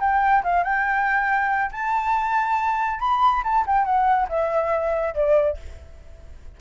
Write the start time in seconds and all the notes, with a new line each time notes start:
0.00 G5
0.44 F5
0.64 G5
1.72 A5
3.00 B5
3.44 A5
3.66 G5
3.85 F#5
4.29 E5
5.15 D5